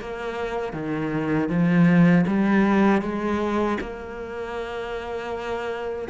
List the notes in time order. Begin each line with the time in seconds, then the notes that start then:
0.00 A#3
0.73 D#3
1.49 F3
2.27 G3
3.02 G#3
3.80 A#3